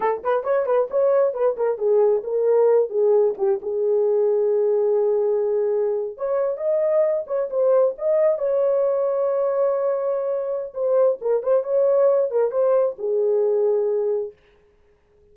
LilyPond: \new Staff \with { instrumentName = "horn" } { \time 4/4 \tempo 4 = 134 a'8 b'8 cis''8 b'8 cis''4 b'8 ais'8 | gis'4 ais'4. gis'4 g'8 | gis'1~ | gis'4.~ gis'16 cis''4 dis''4~ dis''16~ |
dis''16 cis''8 c''4 dis''4 cis''4~ cis''16~ | cis''1 | c''4 ais'8 c''8 cis''4. ais'8 | c''4 gis'2. | }